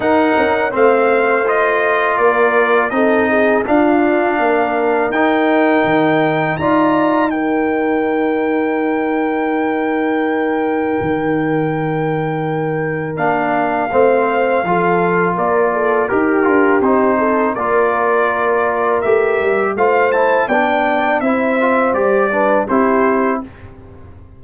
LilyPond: <<
  \new Staff \with { instrumentName = "trumpet" } { \time 4/4 \tempo 4 = 82 fis''4 f''4 dis''4 d''4 | dis''4 f''2 g''4~ | g''4 ais''4 g''2~ | g''1~ |
g''2 f''2~ | f''4 d''4 ais'4 c''4 | d''2 e''4 f''8 a''8 | g''4 e''4 d''4 c''4 | }
  \new Staff \with { instrumentName = "horn" } { \time 4/4 ais'4 c''2 ais'4 | a'8 gis'8 f'4 ais'2~ | ais'4 d''4 ais'2~ | ais'1~ |
ais'2. c''4 | a'4 ais'8 a'8 g'4. a'8 | ais'2. c''4 | d''4 c''4. b'8 g'4 | }
  \new Staff \with { instrumentName = "trombone" } { \time 4/4 dis'4 c'4 f'2 | dis'4 d'2 dis'4~ | dis'4 f'4 dis'2~ | dis'1~ |
dis'2 d'4 c'4 | f'2 g'8 f'8 dis'4 | f'2 g'4 f'8 e'8 | d'4 e'8 f'8 g'8 d'8 e'4 | }
  \new Staff \with { instrumentName = "tuba" } { \time 4/4 dis'8 cis'8 a2 ais4 | c'4 d'4 ais4 dis'4 | dis4 dis'2.~ | dis'2. dis4~ |
dis2 ais4 a4 | f4 ais4 dis'8 d'8 c'4 | ais2 a8 g8 a4 | b4 c'4 g4 c'4 | }
>>